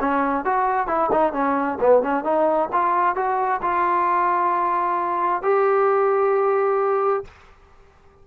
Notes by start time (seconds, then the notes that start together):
0.00 C#4
0.45 F#4
0.87 E4
1.11 D#4
1.33 C#4
1.80 B3
2.02 C#4
2.24 D#4
2.73 F4
3.15 F#4
3.62 F4
5.43 G4